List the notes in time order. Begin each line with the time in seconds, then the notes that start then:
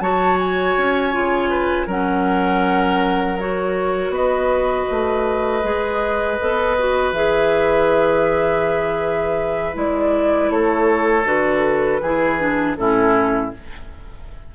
0.00 F#3 F#4 C#5 A5
0.39 G#5
0.78 C#4
1.12 C#3 F4
1.50 B4
1.87 F#3 C#4 A#4 F#5
3.39 F#4 C#5
4.10 B3 B4 D#5
4.90 A3
5.63 G#3 G#4
6.40 B3 A4
6.79 F#4
7.12 E3 G#4 E5
9.74 G#3 E4 D5
10.50 A3 A4 C#5
11.25 D3 F#4 B4
12.02 E3 E4 G#4
12.39 D4
12.76 A2 C#4 E4 A4